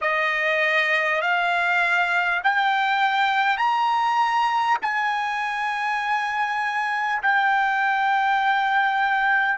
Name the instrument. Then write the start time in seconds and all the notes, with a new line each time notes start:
trumpet
0.01 D#5
1.21 F5
2.43 G5
3.57 A#5
4.82 G#5
7.22 G5